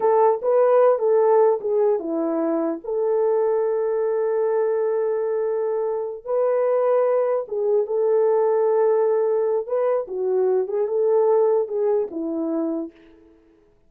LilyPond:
\new Staff \with { instrumentName = "horn" } { \time 4/4 \tempo 4 = 149 a'4 b'4. a'4. | gis'4 e'2 a'4~ | a'1~ | a'2.~ a'8 b'8~ |
b'2~ b'8 gis'4 a'8~ | a'1 | b'4 fis'4. gis'8 a'4~ | a'4 gis'4 e'2 | }